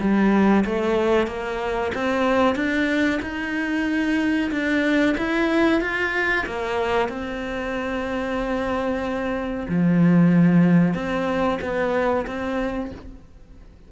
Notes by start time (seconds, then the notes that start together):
0.00 G3
0.65 A3
1.28 A#3
1.95 C4
2.56 D4
3.23 D#4
4.52 D4
5.18 E4
5.81 F4
6.47 A#3
7.09 C4
9.69 F3
10.95 C4
11.62 B3
12.27 C4